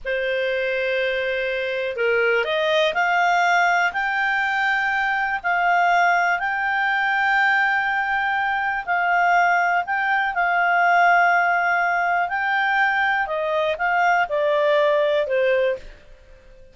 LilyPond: \new Staff \with { instrumentName = "clarinet" } { \time 4/4 \tempo 4 = 122 c''1 | ais'4 dis''4 f''2 | g''2. f''4~ | f''4 g''2.~ |
g''2 f''2 | g''4 f''2.~ | f''4 g''2 dis''4 | f''4 d''2 c''4 | }